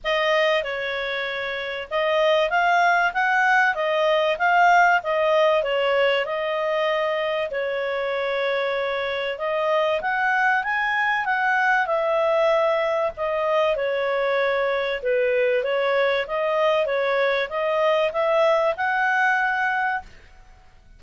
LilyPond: \new Staff \with { instrumentName = "clarinet" } { \time 4/4 \tempo 4 = 96 dis''4 cis''2 dis''4 | f''4 fis''4 dis''4 f''4 | dis''4 cis''4 dis''2 | cis''2. dis''4 |
fis''4 gis''4 fis''4 e''4~ | e''4 dis''4 cis''2 | b'4 cis''4 dis''4 cis''4 | dis''4 e''4 fis''2 | }